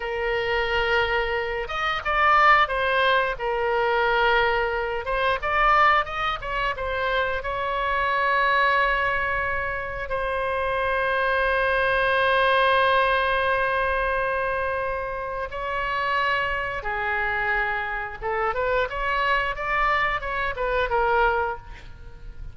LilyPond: \new Staff \with { instrumentName = "oboe" } { \time 4/4 \tempo 4 = 89 ais'2~ ais'8 dis''8 d''4 | c''4 ais'2~ ais'8 c''8 | d''4 dis''8 cis''8 c''4 cis''4~ | cis''2. c''4~ |
c''1~ | c''2. cis''4~ | cis''4 gis'2 a'8 b'8 | cis''4 d''4 cis''8 b'8 ais'4 | }